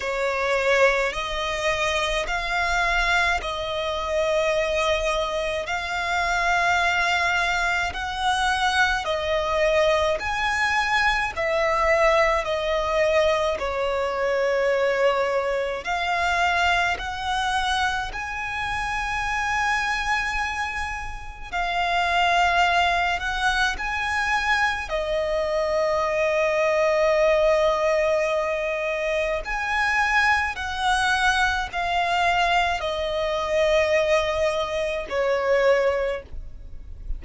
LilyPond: \new Staff \with { instrumentName = "violin" } { \time 4/4 \tempo 4 = 53 cis''4 dis''4 f''4 dis''4~ | dis''4 f''2 fis''4 | dis''4 gis''4 e''4 dis''4 | cis''2 f''4 fis''4 |
gis''2. f''4~ | f''8 fis''8 gis''4 dis''2~ | dis''2 gis''4 fis''4 | f''4 dis''2 cis''4 | }